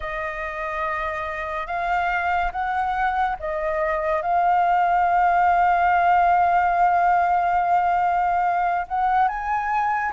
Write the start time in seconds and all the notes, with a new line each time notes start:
0.00 D#5
1.67 F5
2.52 F#5
3.39 D#5
4.22 F5
8.87 F#5
9.27 G#5